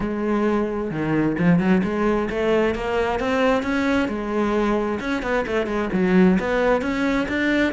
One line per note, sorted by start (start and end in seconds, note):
0.00 0.90 G#3
0.90 1.36 D#3
1.38 1.59 F3
1.59 1.81 F#3
1.83 2.29 G#3
2.30 2.74 A3
2.74 3.19 A#3
3.19 3.63 C4
3.63 4.08 C#4
4.08 4.99 G#3
4.99 5.22 C#4
5.22 5.45 B3
5.46 5.66 A3
5.66 5.89 G#3
5.92 6.38 F#3
6.39 6.81 B3
6.81 7.27 C#4
7.28 7.73 D4